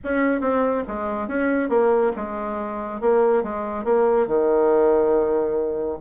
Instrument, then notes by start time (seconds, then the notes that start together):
bassoon
0.04 C#4
0.40 C4
0.87 G#3
1.28 C#4
1.69 A#3
2.15 G#3
3.01 A#3
3.43 G#3
3.84 A#3
4.27 D#3